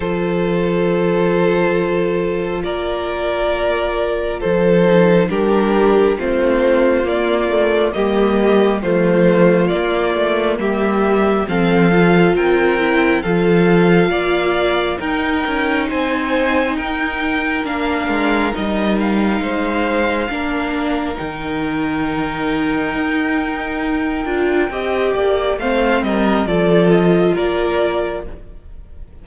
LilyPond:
<<
  \new Staff \with { instrumentName = "violin" } { \time 4/4 \tempo 4 = 68 c''2. d''4~ | d''4 c''4 ais'4 c''4 | d''4 dis''4 c''4 d''4 | e''4 f''4 g''4 f''4~ |
f''4 g''4 gis''4 g''4 | f''4 dis''8 f''2~ f''8 | g''1~ | g''4 f''8 dis''8 d''8 dis''8 d''4 | }
  \new Staff \with { instrumentName = "violin" } { \time 4/4 a'2. ais'4~ | ais'4 a'4 g'4 f'4~ | f'4 g'4 f'2 | g'4 a'4 ais'4 a'4 |
d''4 ais'4 c''4 ais'4~ | ais'2 c''4 ais'4~ | ais'1 | dis''8 d''8 c''8 ais'8 a'4 ais'4 | }
  \new Staff \with { instrumentName = "viola" } { \time 4/4 f'1~ | f'4. dis'8 d'4 c'4 | ais8 a8 ais4 a4 ais4~ | ais4 c'8 f'4 e'8 f'4~ |
f'4 dis'2. | d'4 dis'2 d'4 | dis'2.~ dis'8 f'8 | g'4 c'4 f'2 | }
  \new Staff \with { instrumentName = "cello" } { \time 4/4 f2. ais4~ | ais4 f4 g4 a4 | ais4 g4 f4 ais8 a8 | g4 f4 c'4 f4 |
ais4 dis'8 cis'8 c'4 dis'4 | ais8 gis8 g4 gis4 ais4 | dis2 dis'4. d'8 | c'8 ais8 a8 g8 f4 ais4 | }
>>